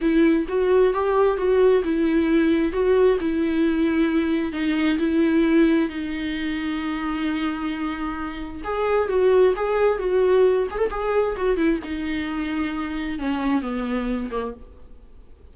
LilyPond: \new Staff \with { instrumentName = "viola" } { \time 4/4 \tempo 4 = 132 e'4 fis'4 g'4 fis'4 | e'2 fis'4 e'4~ | e'2 dis'4 e'4~ | e'4 dis'2.~ |
dis'2. gis'4 | fis'4 gis'4 fis'4. gis'16 a'16 | gis'4 fis'8 e'8 dis'2~ | dis'4 cis'4 b4. ais8 | }